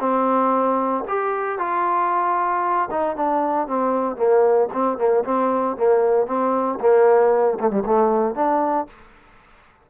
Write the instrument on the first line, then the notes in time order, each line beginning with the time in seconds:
trombone
0.00 C4
1.08 G4
1.59 F4
2.91 D#4
3.16 D4
3.68 C4
4.16 A#3
4.73 C4
4.98 A#3
5.24 C4
5.77 A#3
6.27 C4
6.80 A#3
7.60 A3
7.70 G3
7.86 A3
8.35 D4